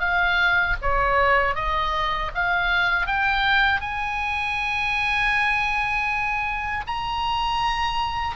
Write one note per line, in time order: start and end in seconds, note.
0.00 0.76 F5
0.82 1.55 C#5
1.55 2.31 D#5
2.35 3.07 F5
3.07 3.81 G5
3.81 6.85 G#5
6.87 8.36 A#5